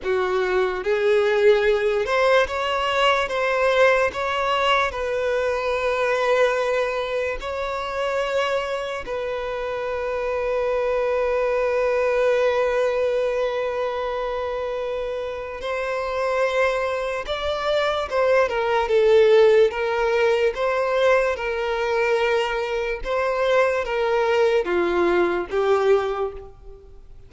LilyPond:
\new Staff \with { instrumentName = "violin" } { \time 4/4 \tempo 4 = 73 fis'4 gis'4. c''8 cis''4 | c''4 cis''4 b'2~ | b'4 cis''2 b'4~ | b'1~ |
b'2. c''4~ | c''4 d''4 c''8 ais'8 a'4 | ais'4 c''4 ais'2 | c''4 ais'4 f'4 g'4 | }